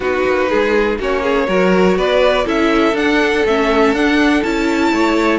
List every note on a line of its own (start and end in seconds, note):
0.00 0.23 B3
0.00 0.99 D#4
0.00 0.49 F#4
0.00 0.99 B4
0.25 0.50 A#3
0.49 0.98 G#3
0.49 0.98 G#4
0.98 1.47 A#3
0.98 1.47 C#4
0.98 1.22 F#4
0.98 1.97 C#5
1.22 1.47 G#4
1.47 1.96 F#3
1.47 2.45 F#4
1.47 1.97 A#4
1.96 2.45 B3
1.96 2.45 B4
1.96 2.47 D5
2.45 2.93 C#4
2.45 2.94 E4
2.45 4.91 A4
2.45 2.96 E5
2.93 3.42 D4
2.93 3.45 D4
2.93 3.46 F#5
3.45 3.92 A3
3.45 3.96 C#4
3.45 3.94 E5
3.92 4.41 D4
3.92 4.44 D4
3.92 4.43 F#5
4.43 4.92 C#4
4.43 5.38 E4
4.43 5.38 A5
4.92 5.38 A3
4.92 5.38 C#5